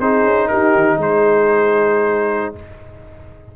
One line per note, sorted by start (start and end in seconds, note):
0.00 0.25 C4
0.00 2.56 D#4
0.00 0.49 G#4
0.00 0.48 C5
0.25 0.50 C#4
0.48 0.76 D#4
0.48 0.99 G4
0.48 0.99 A#4
0.76 0.98 D#3
0.98 2.51 G#3
0.98 2.55 G#4
0.98 2.55 C5